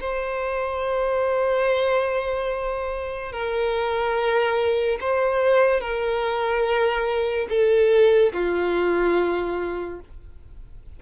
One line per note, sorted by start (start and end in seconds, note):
0.00 3.32 C5
3.32 4.98 A#4
5.00 5.81 C5
5.81 7.47 A#4
7.49 8.33 A4
8.33 10.00 F4